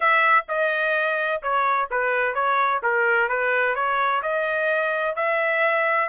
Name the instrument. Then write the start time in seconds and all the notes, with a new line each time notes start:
trumpet
0.00 E5
0.48 D#5
1.42 C#5
1.90 B4
2.34 C#5
2.83 A#4
3.28 B4
3.75 C#5
4.22 D#5
5.15 E5